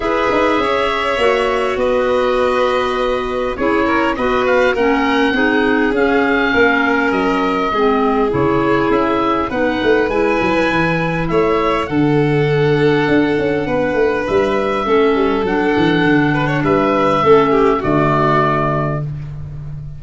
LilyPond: <<
  \new Staff \with { instrumentName = "oboe" } { \time 4/4 \tempo 4 = 101 e''2. dis''4~ | dis''2 cis''4 dis''8 f''8 | fis''2 f''2 | dis''2 cis''4 e''4 |
fis''4 gis''2 e''4 | fis''1 | e''2 fis''2 | e''2 d''2 | }
  \new Staff \with { instrumentName = "violin" } { \time 4/4 b'4 cis''2 b'4~ | b'2 gis'8 ais'8 b'4 | ais'4 gis'2 ais'4~ | ais'4 gis'2. |
b'2. cis''4 | a'2. b'4~ | b'4 a'2~ a'8 b'16 cis''16 | b'4 a'8 g'8 fis'2 | }
  \new Staff \with { instrumentName = "clarinet" } { \time 4/4 gis'2 fis'2~ | fis'2 e'4 fis'4 | cis'4 dis'4 cis'2~ | cis'4 c'4 e'2 |
dis'4 e'2. | d'1~ | d'4 cis'4 d'2~ | d'4 cis'4 a2 | }
  \new Staff \with { instrumentName = "tuba" } { \time 4/4 e'8 dis'8 cis'4 ais4 b4~ | b2 cis'4 b4 | ais4 c'4 cis'4 ais4 | fis4 gis4 cis4 cis'4 |
b8 a8 gis8 fis8 e4 a4 | d2 d'8 cis'8 b8 a8 | g4 a8 g8 fis8 e8 d4 | g4 a4 d2 | }
>>